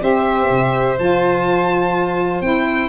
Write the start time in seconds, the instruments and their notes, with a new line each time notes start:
0.00 tuba C4, saxophone G4, violin C5 E5
0.50 tuba C3
0.99 tuba F3, saxophone F4, violin A5
2.41 tuba C4, saxophone E4, violin G5